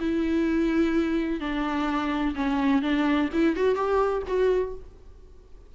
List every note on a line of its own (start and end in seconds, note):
0.00 1.40 E4
1.40 2.35 D4
2.35 2.82 C#4
2.82 3.29 D4
3.33 3.56 E4
3.56 3.75 F#4
3.75 4.23 G4
4.27 4.74 F#4